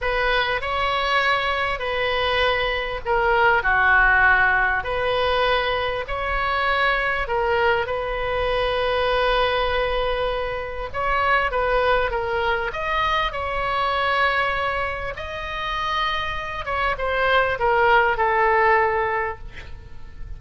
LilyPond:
\new Staff \with { instrumentName = "oboe" } { \time 4/4 \tempo 4 = 99 b'4 cis''2 b'4~ | b'4 ais'4 fis'2 | b'2 cis''2 | ais'4 b'2.~ |
b'2 cis''4 b'4 | ais'4 dis''4 cis''2~ | cis''4 dis''2~ dis''8 cis''8 | c''4 ais'4 a'2 | }